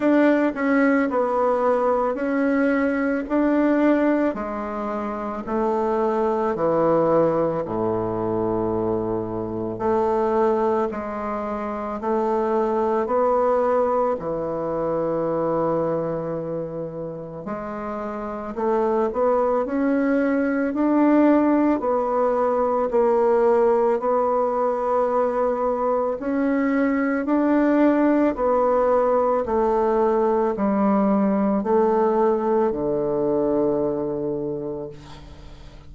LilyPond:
\new Staff \with { instrumentName = "bassoon" } { \time 4/4 \tempo 4 = 55 d'8 cis'8 b4 cis'4 d'4 | gis4 a4 e4 a,4~ | a,4 a4 gis4 a4 | b4 e2. |
gis4 a8 b8 cis'4 d'4 | b4 ais4 b2 | cis'4 d'4 b4 a4 | g4 a4 d2 | }